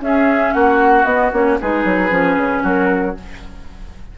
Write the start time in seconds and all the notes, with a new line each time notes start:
0.00 C#4 G#4 E5
0.53 A#3 F#4 F#5
1.04 B3 D#5
1.32 A#3 C#4 C#5
1.60 G#3 D#4 G#4 B4
1.84 F#3
2.09 F3 C#4
2.37 C#3
2.63 F#3 F#4 A#4